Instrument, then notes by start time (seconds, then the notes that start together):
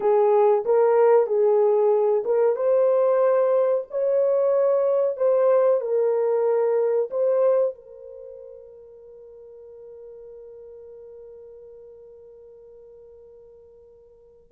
horn
0.00 G#4
0.65 A#4
1.26 G#4
2.25 A#4
2.55 C5
3.90 C#5
5.16 C5
5.80 A#4
7.10 C5
7.74 A#4